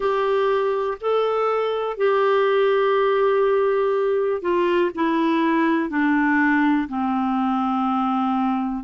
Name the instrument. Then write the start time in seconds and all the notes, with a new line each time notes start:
clarinet
0.00 G4
1.00 A4
1.97 G4
4.41 F4
4.94 E4
5.89 D4
6.88 C4